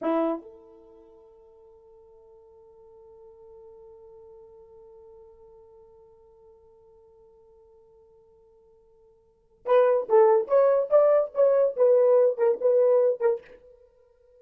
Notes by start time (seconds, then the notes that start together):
0.01 E4
0.42 A4
9.65 B4
10.08 A4
10.47 C#5
10.89 D5
11.34 C#5
11.76 B4
12.37 A#4
12.60 B4
13.20 A#4